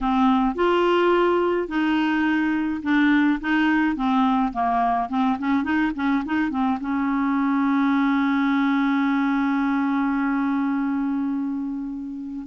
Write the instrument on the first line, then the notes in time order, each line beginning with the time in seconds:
clarinet
0.01 C4
0.55 F4
1.68 D#4
2.83 D4
3.40 D#4
3.95 C4
4.52 A#3
5.09 C4
5.38 C#4
5.63 D#4
5.95 C#4
6.25 D#4
6.49 C4
6.80 C#4